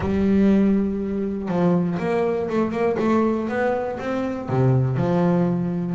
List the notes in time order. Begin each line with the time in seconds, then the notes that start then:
0.00 G3
1.48 F3
1.99 A#3
2.49 A3
2.71 A#3
2.99 A3
3.48 B3
3.99 C4
4.49 C3
4.96 F3